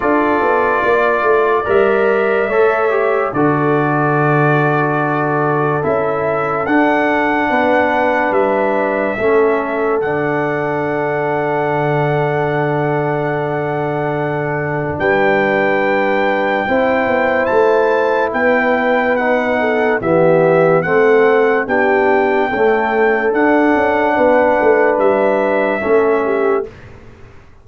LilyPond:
<<
  \new Staff \with { instrumentName = "trumpet" } { \time 4/4 \tempo 4 = 72 d''2 e''2 | d''2. e''4 | fis''2 e''2 | fis''1~ |
fis''2 g''2~ | g''4 a''4 g''4 fis''4 | e''4 fis''4 g''2 | fis''2 e''2 | }
  \new Staff \with { instrumentName = "horn" } { \time 4/4 a'4 d''2 cis''4 | a'1~ | a'4 b'2 a'4~ | a'1~ |
a'2 b'2 | c''2 b'4. a'8 | g'4 a'4 g'4 a'4~ | a'4 b'2 a'8 g'8 | }
  \new Staff \with { instrumentName = "trombone" } { \time 4/4 f'2 ais'4 a'8 g'8 | fis'2. e'4 | d'2. cis'4 | d'1~ |
d'1 | e'2. dis'4 | b4 c'4 d'4 a4 | d'2. cis'4 | }
  \new Staff \with { instrumentName = "tuba" } { \time 4/4 d'8 b8 ais8 a8 g4 a4 | d2. cis'4 | d'4 b4 g4 a4 | d1~ |
d2 g2 | c'8 b8 a4 b2 | e4 a4 b4 cis'4 | d'8 cis'8 b8 a8 g4 a4 | }
>>